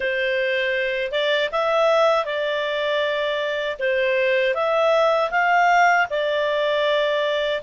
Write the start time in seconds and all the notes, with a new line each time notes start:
0.00 C5
1.11 D5
1.51 E5
2.25 D5
3.79 C5
4.54 E5
5.31 F5
6.10 D5